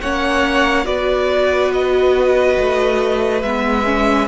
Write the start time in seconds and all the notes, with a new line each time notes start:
0.00 A#3 C#4 C#5 F#5
0.84 B3 F#4 B4 D5
1.72 D#5
2.58 A3
3.42 G#3 B3 E5
3.85 C#4